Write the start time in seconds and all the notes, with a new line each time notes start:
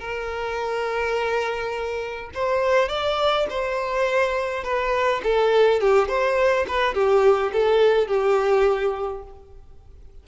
0.00 A#4
2.34 C5
2.89 D5
3.50 C5
4.64 B4
5.23 A4
5.81 G4
6.08 C5
6.68 B4
6.94 G4
7.53 A4
8.08 G4